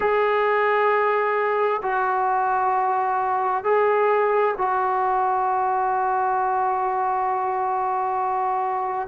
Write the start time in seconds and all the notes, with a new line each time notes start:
0.00 G#4
1.82 F#4
3.64 G#4
4.57 F#4